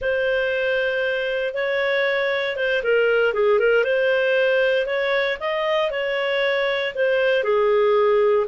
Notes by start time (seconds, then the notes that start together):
0.01 C5
1.54 C#5
2.56 C5
2.83 A#4
3.33 G#4
3.59 A#4
3.83 C5
4.86 C#5
5.39 D#5
5.91 C#5
6.94 C5
7.43 G#4